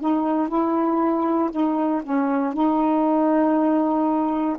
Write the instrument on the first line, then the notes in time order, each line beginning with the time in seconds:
saxophone
0.00 D#4
0.48 E4
1.51 D#4
2.03 C#4
2.53 D#4